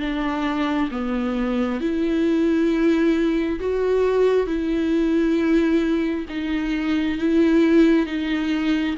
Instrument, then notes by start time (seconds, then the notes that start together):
viola
0.00 D4
0.91 B3
1.80 E4
3.60 F#4
4.47 E4
6.29 D#4
7.18 E4
8.06 D#4